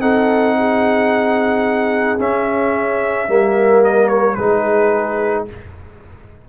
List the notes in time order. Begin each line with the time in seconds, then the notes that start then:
0.00 C4 D#4 A4 F#5
0.59 G#4
2.20 C#4 E5
3.29 G3 A#3 A#4
3.85 D#5
4.08 C#5
4.35 G#3 D#4 G#4 B4